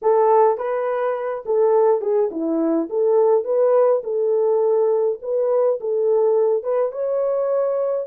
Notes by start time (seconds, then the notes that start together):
0.02 A4
0.57 B4
1.45 A4
2.01 G#4
2.31 E4
2.89 A4
3.44 B4
4.03 A4
5.22 B4
5.80 A4
6.63 B4
6.92 C#5